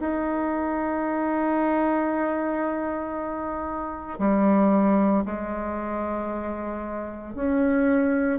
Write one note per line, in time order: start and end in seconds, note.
0.00 4.19 D#4
4.19 5.24 G3
5.25 7.35 G#3
7.35 8.39 C#4